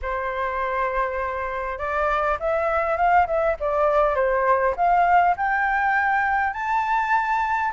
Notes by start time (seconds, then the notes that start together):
0.01 C5
1.78 D5
2.39 E5
2.96 F5
3.26 E5
3.59 D5
4.15 C5
4.76 F5
5.36 G5
6.53 A5